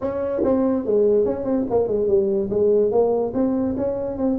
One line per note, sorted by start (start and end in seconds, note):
0.01 0.42 C#4
0.44 0.85 C4
0.85 1.25 G#3
1.25 1.44 C#4
1.44 1.65 C4
1.70 1.87 A#3
1.87 2.07 G#3
2.07 2.49 G3
2.50 2.91 G#3
2.91 3.32 A#3
3.34 3.75 C4
3.77 4.17 C#4
4.17 4.38 C4